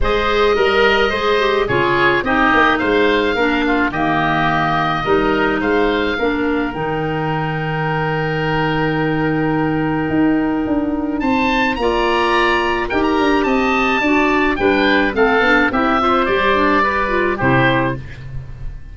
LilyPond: <<
  \new Staff \with { instrumentName = "oboe" } { \time 4/4 \tempo 4 = 107 dis''2. cis''4 | dis''4 f''2 dis''4~ | dis''2 f''2 | g''1~ |
g''1 | a''4 ais''2 g''16 ais''8. | a''2 g''4 f''4 | e''4 d''2 c''4 | }
  \new Staff \with { instrumentName = "oboe" } { \time 4/4 c''4 ais'4 c''4 gis'4 | g'4 c''4 ais'8 f'8 g'4~ | g'4 ais'4 c''4 ais'4~ | ais'1~ |
ais'1 | c''4 d''2 ais'4 | dis''4 d''4 b'4 a'4 | g'8 c''4. b'4 g'4 | }
  \new Staff \with { instrumentName = "clarinet" } { \time 4/4 gis'4 ais'4 gis'8 g'8 f'4 | dis'2 d'4 ais4~ | ais4 dis'2 d'4 | dis'1~ |
dis'1~ | dis'4 f'2 g'4~ | g'4 fis'4 d'4 c'8 d'8 | e'8 f'8 g'8 d'8 g'8 f'8 e'4 | }
  \new Staff \with { instrumentName = "tuba" } { \time 4/4 gis4 g4 gis4 cis4 | c'8 ais8 gis4 ais4 dis4~ | dis4 g4 gis4 ais4 | dis1~ |
dis2 dis'4 d'4 | c'4 ais2 dis'8 d'8 | c'4 d'4 g4 a8 b8 | c'4 g2 c4 | }
>>